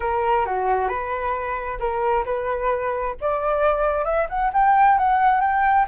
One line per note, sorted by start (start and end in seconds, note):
0.00 0.45 A#4
0.45 0.88 F#4
0.88 1.78 B4
1.79 2.24 A#4
2.25 3.15 B4
3.20 4.04 D5
4.04 4.27 E5
4.29 4.51 F#5
4.53 4.97 G5
4.97 5.41 F#5
5.41 5.86 G5